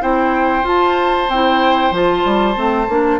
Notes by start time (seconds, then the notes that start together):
0.00 C4 E4 C5 G5
0.63 F4 A5
1.28 C4 E4 G5
1.91 F3 F4 A5
2.25 G3
2.54 A3 C4
2.88 A#3 D4